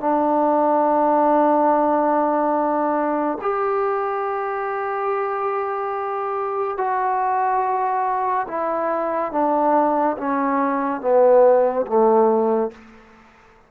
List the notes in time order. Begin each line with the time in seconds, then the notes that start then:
0.00 D4
3.41 G4
6.78 F#4
8.47 E4
9.32 D4
10.17 C#4
11.01 B3
11.87 A3